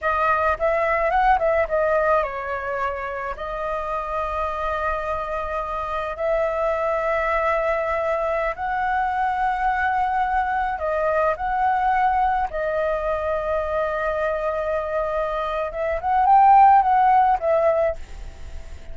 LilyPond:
\new Staff \with { instrumentName = "flute" } { \time 4/4 \tempo 4 = 107 dis''4 e''4 fis''8 e''8 dis''4 | cis''2 dis''2~ | dis''2. e''4~ | e''2.~ e''16 fis''8.~ |
fis''2.~ fis''16 dis''8.~ | dis''16 fis''2 dis''4.~ dis''16~ | dis''1 | e''8 fis''8 g''4 fis''4 e''4 | }